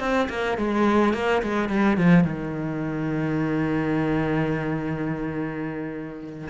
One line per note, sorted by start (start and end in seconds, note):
0.00 0.28 C4
0.30 0.58 A#3
0.58 1.14 G#3
1.14 1.43 A#3
1.43 1.69 G#3
1.69 1.98 G3
1.98 2.24 F3
2.24 6.49 D#3